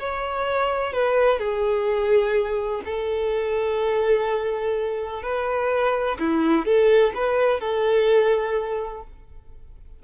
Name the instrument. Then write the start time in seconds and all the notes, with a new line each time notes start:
violin
0.00 C#5
0.93 B4
1.39 G#4
2.85 A4
5.23 B4
6.20 E4
6.66 A4
7.15 B4
7.61 A4